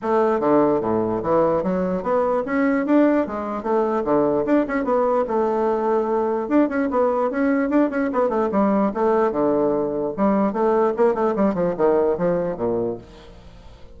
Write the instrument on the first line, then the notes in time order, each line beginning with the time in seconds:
bassoon
0.02 A3
0.40 D3
0.80 A2
1.22 E3
1.63 F#3
2.03 B3
2.45 C#4
2.86 D4
3.26 G#3
3.62 A3
4.04 D3
4.45 D4
4.67 C#4
4.84 B3
5.27 A3
6.48 D4
6.68 C#4
6.90 B3
7.30 C#4
7.69 D4
7.90 C#4
8.13 B3
8.29 A3
8.51 G3
8.94 A3
9.31 D3
10.16 G3
10.52 A3
10.96 A#3
11.14 A3
11.35 G3
11.54 F3
11.77 D#3
12.17 F3
12.57 A#2